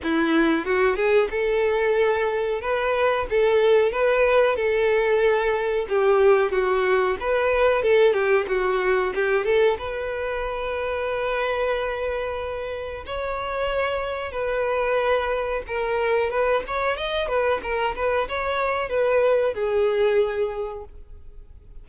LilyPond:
\new Staff \with { instrumentName = "violin" } { \time 4/4 \tempo 4 = 92 e'4 fis'8 gis'8 a'2 | b'4 a'4 b'4 a'4~ | a'4 g'4 fis'4 b'4 | a'8 g'8 fis'4 g'8 a'8 b'4~ |
b'1 | cis''2 b'2 | ais'4 b'8 cis''8 dis''8 b'8 ais'8 b'8 | cis''4 b'4 gis'2 | }